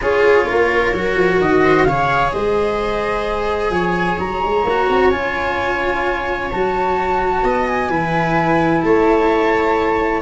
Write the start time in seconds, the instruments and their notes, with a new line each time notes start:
0.01 tuba C#4, cello F4, viola G#4, flute C#5
0.46 tuba A#3, viola A#4
0.93 tuba F#3, cello F#4
1.16 tuba F3
1.40 tuba D#3, flute D#5
1.63 viola C5
1.84 tuba C#3, cello G#4, viola C#5, flute F5
2.32 tuba G#3, viola C5, flute D#5
3.69 tuba F3, viola C#5, flute G#5
4.18 tuba F#3, flute A#5
4.42 tuba G#3
4.64 tuba A#3, cello F#4
4.89 tuba C4
5.10 tuba C#4, cello F4, flute G#5
6.51 tuba F#3, cello F#4, flute A5
7.42 tuba B3, viola D#5
7.67 flute G#5
7.89 tuba E3, cello E4, viola B4
8.81 tuba A3, viola C#5, flute A5